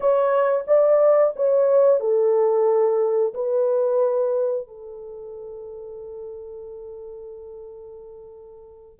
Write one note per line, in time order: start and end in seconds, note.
0.00 0.65 C#5
0.67 1.34 D5
1.35 2.00 C#5
2.00 3.33 A4
3.34 4.67 B4
4.67 8.99 A4